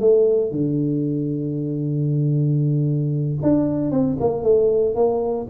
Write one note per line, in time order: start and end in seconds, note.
0.00 0.51 A3
0.51 3.38 D3
3.42 3.91 D4
3.91 4.17 C4
4.20 4.43 A#3
4.43 4.95 A3
4.95 5.47 A#3